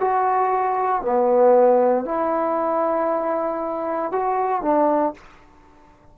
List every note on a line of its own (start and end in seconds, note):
0.00 1.02 F#4
1.02 2.05 B3
2.05 4.11 E4
4.11 4.62 F#4
4.62 5.13 D4